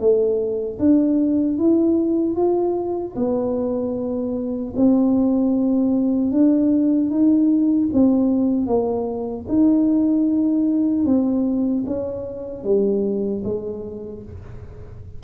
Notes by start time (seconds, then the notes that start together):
0.00 A3
0.80 D4
1.59 E4
2.36 F4
3.16 B3
4.77 C4
6.32 D4
7.11 D#4
7.93 C4
8.67 A#3
9.49 D#4
11.06 C4
11.87 C#4
12.64 G3
13.45 G#3